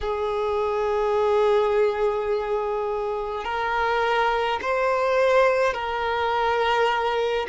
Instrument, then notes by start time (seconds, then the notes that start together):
violin
0.01 G#4
3.44 A#4
4.61 C5
5.73 A#4